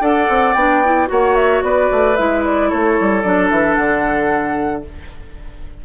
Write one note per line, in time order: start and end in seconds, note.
0.00 0.27 D4
0.00 0.54 A4
0.00 1.08 D5
0.00 0.54 F#5
0.28 0.55 C4
0.54 1.08 B3
0.54 0.84 D4
0.54 1.07 G5
0.84 1.06 E4
1.06 1.62 A#3
1.06 2.14 F#4
1.06 1.64 C#5
1.06 1.35 F#5
1.35 1.62 E5
1.62 1.89 B3
1.62 2.69 B4
1.62 2.16 D5
1.91 2.18 A3
2.16 2.72 G#3
2.16 3.23 E4
2.16 2.42 E5
2.44 2.70 D5
2.69 2.98 A3
2.69 4.84 A4
2.69 3.21 C#5
3.00 3.24 G3
3.21 3.50 F#3
3.21 4.83 D4
3.21 3.48 D5
3.50 3.77 E3
3.50 3.75 E5
3.75 4.84 D3
3.75 4.82 F#5